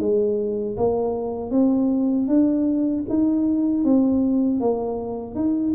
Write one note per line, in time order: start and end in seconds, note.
0.00 0.77 G#3
0.78 1.51 A#3
1.51 2.28 C4
2.28 3.05 D4
3.09 3.85 D#4
3.85 4.60 C4
4.60 5.36 A#3
5.36 5.74 D#4